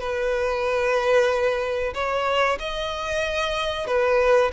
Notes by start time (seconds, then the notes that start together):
0.00 B4
1.94 C#5
2.59 D#5
3.87 B4